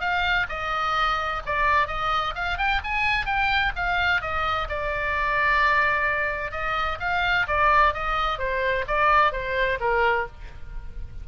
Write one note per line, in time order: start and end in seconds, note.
0.00 0.47 F5
0.49 1.42 D#5
1.45 1.87 D5
1.87 2.34 D#5
2.35 2.58 F5
2.58 2.81 G5
2.84 3.26 G#5
3.26 3.72 G5
3.75 4.21 F5
4.21 4.68 D#5
4.69 6.51 D5
6.51 6.98 D#5
7.00 7.46 F5
7.47 7.93 D5
7.93 8.38 D#5
8.38 8.85 C5
8.87 9.32 D5
9.32 9.78 C5
9.80 10.27 A#4